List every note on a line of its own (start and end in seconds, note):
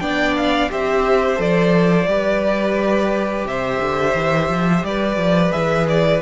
0.00 0.70 B3
0.00 0.70 D4
0.00 0.71 D5
0.00 0.34 G5
0.36 0.71 F5
0.70 1.39 C4
0.70 1.36 G4
0.70 2.09 C5
0.70 1.41 E5
1.36 2.07 F3
1.36 2.05 A4
1.36 3.47 D5
2.07 3.45 G3
2.07 5.52 G4
2.07 3.48 B4
3.45 3.80 C3
3.45 4.87 C5
3.45 4.85 E5
3.80 4.15 D3
4.15 4.49 E3
4.49 4.84 F3
4.84 5.17 G3
4.84 6.22 B4
4.84 5.52 D5
5.17 5.51 F3
5.52 6.22 E3
5.52 6.21 G#4
5.52 5.87 E5
5.89 6.22 D5